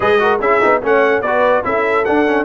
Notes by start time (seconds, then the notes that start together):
0.00 G#3 G#4 B4 D#5
0.19 F#4 A#4
0.39 C#4 E4 G#4 E5
0.61 B3 D#4
0.82 A3 C#4 C#5 F#5
1.21 B3 F#4 B4 D5
1.63 C#4 E4 A4 E5
2.04 D4 F#5
2.25 C#4